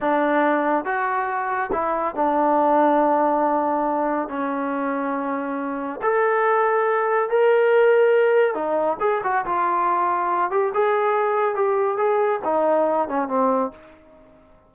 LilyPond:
\new Staff \with { instrumentName = "trombone" } { \time 4/4 \tempo 4 = 140 d'2 fis'2 | e'4 d'2.~ | d'2 cis'2~ | cis'2 a'2~ |
a'4 ais'2. | dis'4 gis'8 fis'8 f'2~ | f'8 g'8 gis'2 g'4 | gis'4 dis'4. cis'8 c'4 | }